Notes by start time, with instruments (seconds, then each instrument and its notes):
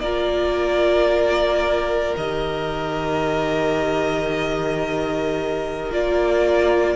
0.00 cello A#3, viola F4, violin A#4 D5
2.17 cello D#3, viola G4, violin D#5
5.91 cello A#3, viola F4, violin D5